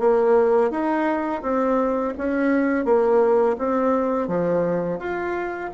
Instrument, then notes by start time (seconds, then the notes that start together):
bassoon
0.00 A#3
0.71 D#4
1.43 C4
2.18 C#4
2.85 A#3
3.59 C4
4.28 F3
4.99 F4